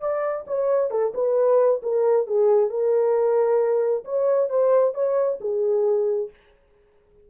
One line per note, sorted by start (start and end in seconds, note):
0.00 0.45 D5
0.47 0.90 C#5
0.90 1.13 A4
1.14 1.81 B4
1.82 2.27 A#4
2.27 2.69 G#4
2.69 4.04 A#4
4.04 4.49 C#5
4.49 4.94 C5
4.94 5.39 C#5
5.40 6.30 G#4